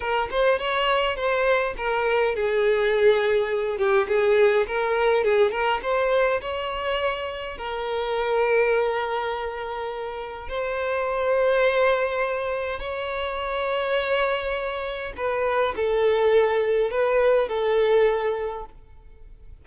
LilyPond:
\new Staff \with { instrumentName = "violin" } { \time 4/4 \tempo 4 = 103 ais'8 c''8 cis''4 c''4 ais'4 | gis'2~ gis'8 g'8 gis'4 | ais'4 gis'8 ais'8 c''4 cis''4~ | cis''4 ais'2.~ |
ais'2 c''2~ | c''2 cis''2~ | cis''2 b'4 a'4~ | a'4 b'4 a'2 | }